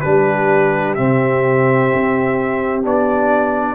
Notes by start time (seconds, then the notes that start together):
0.00 G3 D4 G4 B4
0.94 C3 C4 E5
1.93 C4
2.82 B3 D4 D5